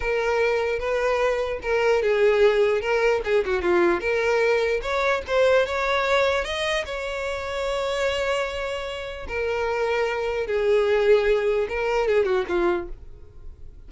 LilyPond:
\new Staff \with { instrumentName = "violin" } { \time 4/4 \tempo 4 = 149 ais'2 b'2 | ais'4 gis'2 ais'4 | gis'8 fis'8 f'4 ais'2 | cis''4 c''4 cis''2 |
dis''4 cis''2.~ | cis''2. ais'4~ | ais'2 gis'2~ | gis'4 ais'4 gis'8 fis'8 f'4 | }